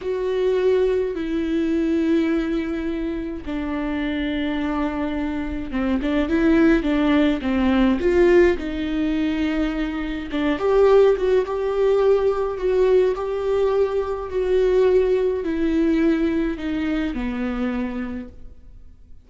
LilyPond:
\new Staff \with { instrumentName = "viola" } { \time 4/4 \tempo 4 = 105 fis'2 e'2~ | e'2 d'2~ | d'2 c'8 d'8 e'4 | d'4 c'4 f'4 dis'4~ |
dis'2 d'8 g'4 fis'8 | g'2 fis'4 g'4~ | g'4 fis'2 e'4~ | e'4 dis'4 b2 | }